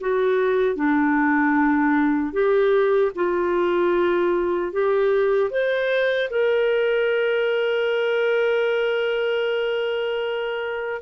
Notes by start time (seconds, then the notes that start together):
0.00 F#4
0.75 D4
2.33 G4
3.15 F4
4.72 G4
5.50 C5
6.30 A#4